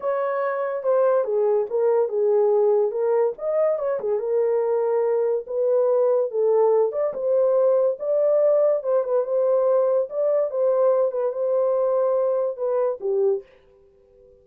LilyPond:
\new Staff \with { instrumentName = "horn" } { \time 4/4 \tempo 4 = 143 cis''2 c''4 gis'4 | ais'4 gis'2 ais'4 | dis''4 cis''8 gis'8 ais'2~ | ais'4 b'2 a'4~ |
a'8 d''8 c''2 d''4~ | d''4 c''8 b'8 c''2 | d''4 c''4. b'8 c''4~ | c''2 b'4 g'4 | }